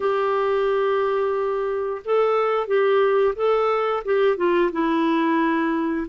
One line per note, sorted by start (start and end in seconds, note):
0.00 2.02 G4
2.04 2.67 A4
2.67 3.34 G4
3.35 4.03 A4
4.04 4.36 G4
4.36 4.70 F4
4.72 6.07 E4